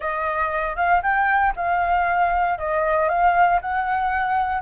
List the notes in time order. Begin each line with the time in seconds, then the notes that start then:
0.00 D#5
0.76 F5
1.02 G5
1.56 F5
2.58 D#5
3.08 F5
3.61 F#5